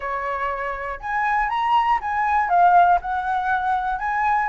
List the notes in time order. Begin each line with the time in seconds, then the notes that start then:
0.00 C#5
1.00 G#5
1.49 A#5
2.01 G#5
2.49 F5
3.01 F#5
3.98 G#5